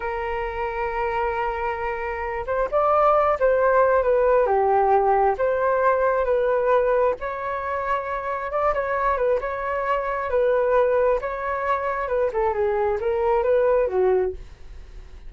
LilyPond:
\new Staff \with { instrumentName = "flute" } { \time 4/4 \tempo 4 = 134 ais'1~ | ais'4. c''8 d''4. c''8~ | c''4 b'4 g'2 | c''2 b'2 |
cis''2. d''8 cis''8~ | cis''8 b'8 cis''2 b'4~ | b'4 cis''2 b'8 a'8 | gis'4 ais'4 b'4 fis'4 | }